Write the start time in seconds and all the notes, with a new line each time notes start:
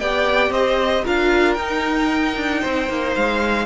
0.00 B3 G4 D5 G5
0.50 C4 C5 D#5
1.05 D4 F4 A#4 F5
1.54 D#4 G5
2.36 D4
2.61 C4 C5
2.89 A#3
3.15 G#3 F5